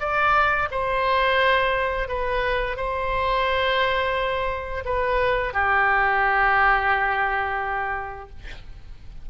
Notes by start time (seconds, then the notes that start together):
0.00 D5
0.71 C5
2.08 B4
2.77 C5
4.85 B4
5.54 G4